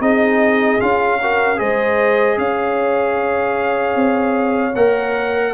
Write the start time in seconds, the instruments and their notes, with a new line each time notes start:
0.00 tuba C4, trombone D#4, horn G#4, trumpet D#5
0.80 tuba C#4, trombone F4, trumpet F5
1.21 trombone F#4, horn A#4
1.56 tuba G#3, trombone G#4, horn C5, trumpet D#5
2.37 tuba C#4, horn C#5, trumpet F5
3.95 tuba C4
4.75 tuba A#3, trombone A#4, trumpet F#5